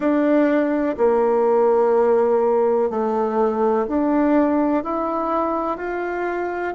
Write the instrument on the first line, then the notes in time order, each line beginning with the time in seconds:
bassoon
0.00 D4
0.97 A#3
2.90 A3
3.87 D4
4.83 E4
5.77 F4